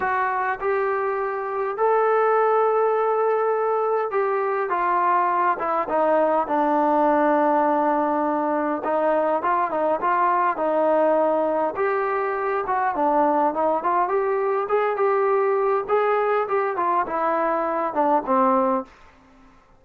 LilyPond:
\new Staff \with { instrumentName = "trombone" } { \time 4/4 \tempo 4 = 102 fis'4 g'2 a'4~ | a'2. g'4 | f'4. e'8 dis'4 d'4~ | d'2. dis'4 |
f'8 dis'8 f'4 dis'2 | g'4. fis'8 d'4 dis'8 f'8 | g'4 gis'8 g'4. gis'4 | g'8 f'8 e'4. d'8 c'4 | }